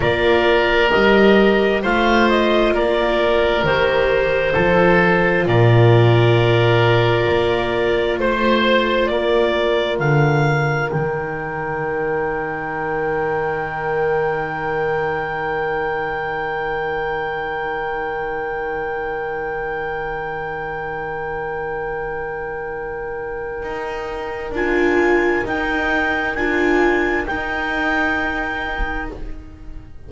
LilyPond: <<
  \new Staff \with { instrumentName = "clarinet" } { \time 4/4 \tempo 4 = 66 d''4 dis''4 f''8 dis''8 d''4 | c''2 d''2~ | d''4 c''4 d''4 f''4 | g''1~ |
g''1~ | g''1~ | g''2. gis''4 | g''4 gis''4 g''2 | }
  \new Staff \with { instrumentName = "oboe" } { \time 4/4 ais'2 c''4 ais'4~ | ais'4 a'4 ais'2~ | ais'4 c''4 ais'2~ | ais'1~ |
ais'1~ | ais'1~ | ais'1~ | ais'1 | }
  \new Staff \with { instrumentName = "viola" } { \time 4/4 f'4 g'4 f'2 | g'4 f'2.~ | f'1 | dis'1~ |
dis'1~ | dis'1~ | dis'2. f'4 | dis'4 f'4 dis'2 | }
  \new Staff \with { instrumentName = "double bass" } { \time 4/4 ais4 g4 a4 ais4 | dis4 f4 ais,2 | ais4 a4 ais4 d4 | dis1~ |
dis1~ | dis1~ | dis2 dis'4 d'4 | dis'4 d'4 dis'2 | }
>>